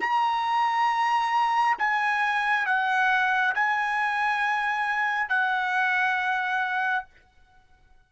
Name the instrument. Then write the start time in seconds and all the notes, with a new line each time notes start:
trumpet
0.00 A#5
1.78 G#5
2.66 F#5
3.55 G#5
5.28 F#5